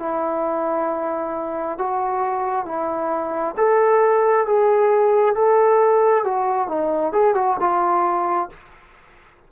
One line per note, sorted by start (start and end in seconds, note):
0.00 1.79 E4
1.79 2.66 F#4
2.66 3.55 E4
3.57 4.47 A4
4.47 5.36 G#4
5.36 6.25 A4
6.25 6.68 F#4
6.68 7.13 D#4
7.13 7.35 G#4
7.35 7.58 F#4
7.60 8.50 F4